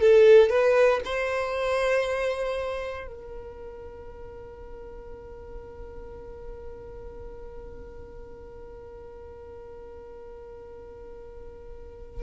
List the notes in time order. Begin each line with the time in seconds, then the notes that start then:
0.00 A4
0.49 B4
1.04 C5
3.07 A#4